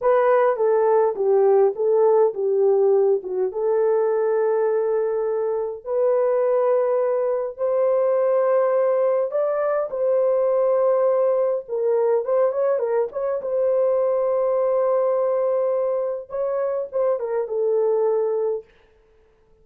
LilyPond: \new Staff \with { instrumentName = "horn" } { \time 4/4 \tempo 4 = 103 b'4 a'4 g'4 a'4 | g'4. fis'8 a'2~ | a'2 b'2~ | b'4 c''2. |
d''4 c''2. | ais'4 c''8 cis''8 ais'8 cis''8 c''4~ | c''1 | cis''4 c''8 ais'8 a'2 | }